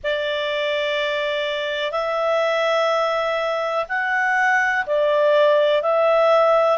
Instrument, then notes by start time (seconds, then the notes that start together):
clarinet
0.03 D5
1.91 E5
3.88 F#5
4.86 D5
5.82 E5